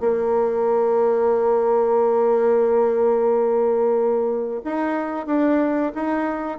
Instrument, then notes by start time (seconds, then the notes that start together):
bassoon
0.00 A#3
4.65 D#4
5.27 D4
5.95 D#4